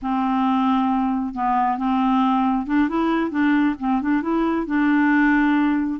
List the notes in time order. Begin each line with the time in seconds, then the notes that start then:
0.02 C4
1.34 B3
1.77 C4
2.66 D4
2.88 E4
3.31 D4
3.79 C4
4.01 D4
4.22 E4
4.66 D4